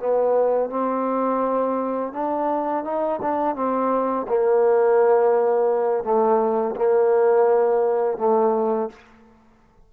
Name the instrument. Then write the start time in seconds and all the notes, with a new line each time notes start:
trombone
0.00 B3
0.70 C4
2.13 D4
2.84 D#4
3.22 D4
3.56 C4
4.29 A#3
6.04 A3
6.76 A#3
8.18 A3